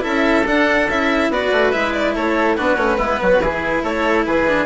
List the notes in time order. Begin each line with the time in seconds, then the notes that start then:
0.00 C#4 E4 A4 E5
0.46 D4 F#5
0.88 C#4 E4 E5
1.29 B3 F#4 B4 D5
1.52 A3
1.71 G#3 E4 E5
1.93 D5
2.15 A3 A4 C#5
2.56 B3 D4 F#4 B4
2.76 A3 C#4
2.97 G#3 B3 E4
3.21 F#3 F#4
3.39 E3 E4 G#4
3.82 A3 A4 C#5
4.25 E3 G#4 B4
4.47 D4